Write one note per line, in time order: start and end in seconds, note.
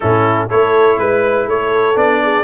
0.00 0.51 A2
0.00 0.49 C#4
0.00 0.47 E4
0.00 0.48 A4
0.47 0.97 A3
0.47 1.95 E4
0.47 0.97 A4
0.47 0.98 C#5
0.97 1.46 G#3
0.97 1.47 B4
0.97 1.48 B4
1.46 1.95 A3
1.46 2.22 A4
1.46 1.97 C#5
1.95 2.43 B3
1.95 2.43 D4
1.95 2.43 D5
2.22 2.43 G#4